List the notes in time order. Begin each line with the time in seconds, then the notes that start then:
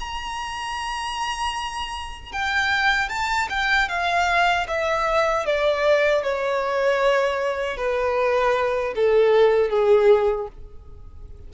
0.00 A#5
2.33 G5
3.10 A5
3.50 G5
3.89 F5
4.68 E5
5.46 D5
6.23 C#5
7.77 B4
8.95 A4
9.70 G#4